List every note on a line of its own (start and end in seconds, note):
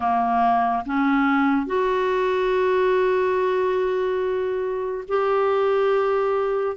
0.00 0.83 A#3
0.85 1.66 C#4
1.66 5.04 F#4
5.08 6.76 G4